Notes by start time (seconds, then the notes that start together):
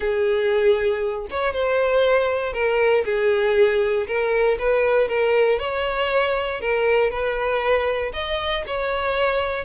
0.00 G#4
1.30 C#5
1.53 C5
2.53 A#4
3.05 G#4
4.07 A#4
4.59 B4
5.08 A#4
5.59 C#5
6.60 A#4
7.10 B4
8.13 D#5
8.66 C#5